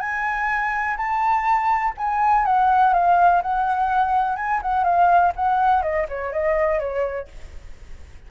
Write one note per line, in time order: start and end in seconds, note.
0.00 0.97 G#5
0.97 1.94 A5
1.98 2.46 G#5
2.46 2.94 F#5
2.94 3.42 F5
3.42 4.36 F#5
4.36 4.61 G#5
4.62 4.84 F#5
4.84 5.32 F5
5.36 5.83 F#5
5.83 6.07 D#5
6.09 6.33 C#5
6.33 6.80 D#5
6.80 7.28 C#5